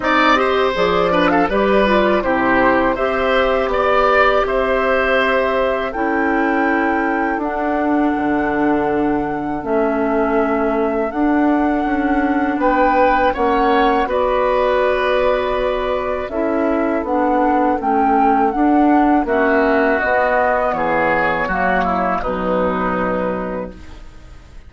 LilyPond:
<<
  \new Staff \with { instrumentName = "flute" } { \time 4/4 \tempo 4 = 81 dis''4 d''8. f''16 d''4 c''4 | e''4 d''4 e''2 | g''2 fis''2~ | fis''4 e''2 fis''4~ |
fis''4 g''4 fis''4 d''4~ | d''2 e''4 fis''4 | g''4 fis''4 e''4 dis''4 | cis''2 b'2 | }
  \new Staff \with { instrumentName = "oboe" } { \time 4/4 d''8 c''4 b'16 a'16 b'4 g'4 | c''4 d''4 c''2 | a'1~ | a'1~ |
a'4 b'4 cis''4 b'4~ | b'2 a'2~ | a'2 fis'2 | gis'4 fis'8 e'8 dis'2 | }
  \new Staff \with { instrumentName = "clarinet" } { \time 4/4 dis'8 g'8 gis'8 d'8 g'8 f'8 e'4 | g'1 | e'2 d'2~ | d'4 cis'2 d'4~ |
d'2 cis'4 fis'4~ | fis'2 e'4 d'4 | cis'4 d'4 cis'4 b4~ | b4 ais4 fis2 | }
  \new Staff \with { instrumentName = "bassoon" } { \time 4/4 c'4 f4 g4 c4 | c'4 b4 c'2 | cis'2 d'4 d4~ | d4 a2 d'4 |
cis'4 b4 ais4 b4~ | b2 cis'4 b4 | a4 d'4 ais4 b4 | e4 fis4 b,2 | }
>>